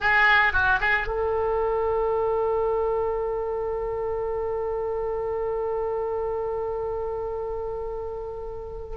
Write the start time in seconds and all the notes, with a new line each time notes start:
0.00 G#4
0.52 F#4
0.80 G#4
1.07 A4